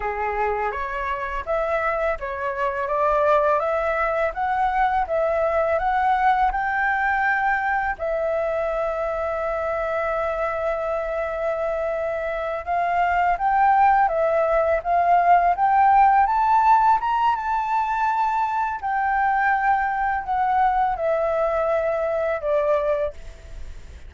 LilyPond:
\new Staff \with { instrumentName = "flute" } { \time 4/4 \tempo 4 = 83 gis'4 cis''4 e''4 cis''4 | d''4 e''4 fis''4 e''4 | fis''4 g''2 e''4~ | e''1~ |
e''4. f''4 g''4 e''8~ | e''8 f''4 g''4 a''4 ais''8 | a''2 g''2 | fis''4 e''2 d''4 | }